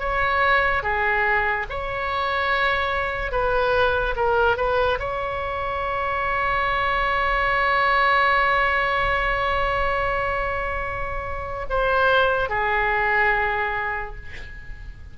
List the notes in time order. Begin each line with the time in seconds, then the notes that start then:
0.00 C#5
0.83 G#4
1.70 C#5
3.32 B4
4.16 A#4
4.57 B4
5.00 C#5
11.70 C5
12.49 G#4